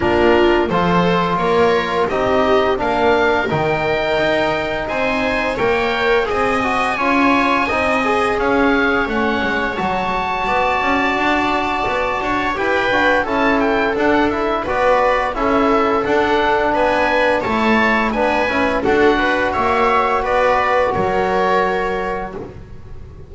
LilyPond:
<<
  \new Staff \with { instrumentName = "oboe" } { \time 4/4 \tempo 4 = 86 ais'4 c''4 cis''4 dis''4 | f''4 g''2 gis''4 | g''4 gis''2. | f''4 fis''4 a''2~ |
a''2 g''4 a''8 g''8 | fis''8 e''8 d''4 e''4 fis''4 | gis''4 a''4 gis''4 fis''4 | e''4 d''4 cis''2 | }
  \new Staff \with { instrumentName = "viola" } { \time 4/4 f'4 a'4 ais'4 g'4 | ais'2. c''4 | cis''4 dis''4 cis''4 dis''4 | cis''2. d''4~ |
d''4. cis''8 b'4 a'4~ | a'4 b'4 a'2 | b'4 cis''4 b'4 a'8 b'8 | cis''4 b'4 ais'2 | }
  \new Staff \with { instrumentName = "trombone" } { \time 4/4 d'4 f'2 dis'4 | d'4 dis'2. | ais'4 gis'8 fis'8 f'4 dis'8 gis'8~ | gis'4 cis'4 fis'2~ |
fis'2 g'8 fis'8 e'4 | d'8 e'8 fis'4 e'4 d'4~ | d'4 e'4 d'8 e'8 fis'4~ | fis'1 | }
  \new Staff \with { instrumentName = "double bass" } { \time 4/4 ais4 f4 ais4 c'4 | ais4 dis4 dis'4 c'4 | ais4 c'4 cis'4 c'4 | cis'4 a8 gis8 fis4 b8 cis'8 |
d'4 b8 d'8 e'8 d'8 cis'4 | d'4 b4 cis'4 d'4 | b4 a4 b8 cis'8 d'4 | ais4 b4 fis2 | }
>>